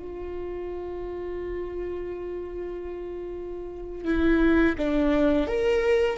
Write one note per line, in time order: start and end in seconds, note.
0.00 4.05 F4
4.05 4.76 E4
4.78 5.48 D4
5.48 6.18 A#4